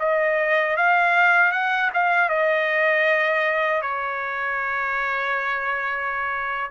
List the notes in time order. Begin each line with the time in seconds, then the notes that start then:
0.00 D#5
0.77 F5
1.52 F#5
1.94 F5
2.30 D#5
3.82 C#5